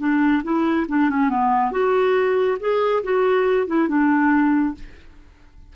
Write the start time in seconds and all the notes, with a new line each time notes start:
0.00 D4
0.44 E4
0.89 D4
1.10 C#4
1.30 B3
1.72 F#4
2.61 G#4
3.04 F#4
3.67 E4
3.89 D4